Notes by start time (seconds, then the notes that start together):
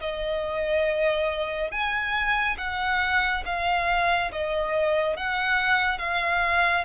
0.00 D#5
1.71 G#5
2.58 F#5
3.45 F5
4.32 D#5
5.16 F#5
5.98 F5